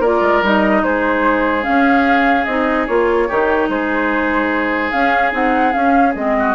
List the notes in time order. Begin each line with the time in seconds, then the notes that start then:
0.00 A#3 F4 A#4 D5
0.21 G#3
0.42 G3 D#4 D#5
0.84 G#3 G#4 C5
1.62 C#4 F5
2.45 C4 D#4 D#5
2.87 A#3 F4 C#5
3.28 D#3 D#4 G4
3.69 G#3 G#4 C5
4.91 C#4 F5
5.32 C4 D#4 F#5
5.73 C#4 F5
6.15 G#3 C4 D#5
6.39 F#4